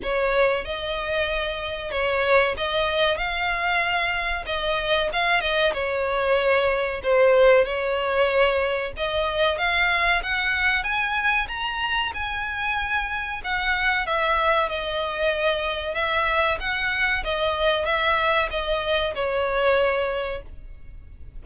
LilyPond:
\new Staff \with { instrumentName = "violin" } { \time 4/4 \tempo 4 = 94 cis''4 dis''2 cis''4 | dis''4 f''2 dis''4 | f''8 dis''8 cis''2 c''4 | cis''2 dis''4 f''4 |
fis''4 gis''4 ais''4 gis''4~ | gis''4 fis''4 e''4 dis''4~ | dis''4 e''4 fis''4 dis''4 | e''4 dis''4 cis''2 | }